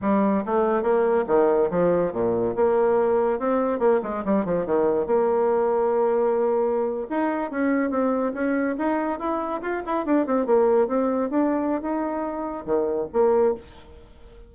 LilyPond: \new Staff \with { instrumentName = "bassoon" } { \time 4/4 \tempo 4 = 142 g4 a4 ais4 dis4 | f4 ais,4 ais2 | c'4 ais8 gis8 g8 f8 dis4 | ais1~ |
ais8. dis'4 cis'4 c'4 cis'16~ | cis'8. dis'4 e'4 f'8 e'8 d'16~ | d'16 c'8 ais4 c'4 d'4~ d'16 | dis'2 dis4 ais4 | }